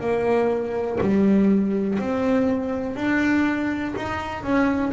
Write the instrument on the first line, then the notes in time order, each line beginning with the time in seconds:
double bass
0.00 A#3
1.00 G3
1.99 C4
2.96 D4
3.96 D#4
4.43 C#4